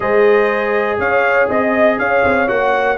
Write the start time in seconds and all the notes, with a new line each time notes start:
0.00 G#3 G#4 C5 D#5
0.98 C#4 C#5 F5
1.49 C4 D#5
1.98 C#4 C#5 F5
2.24 C4
2.47 A#3 F#4 F#5